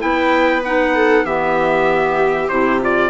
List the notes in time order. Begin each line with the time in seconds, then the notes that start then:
0.00 B3 E4 B4 G5
0.65 D#4 F#5
0.95 A4
1.25 E3 B3 G4 E5
2.49 C3 E4 C5
2.81 F4 D5